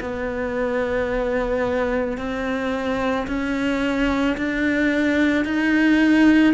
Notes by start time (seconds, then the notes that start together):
0.00 B3
2.17 C4
3.27 C#4
4.37 D4
5.44 D#4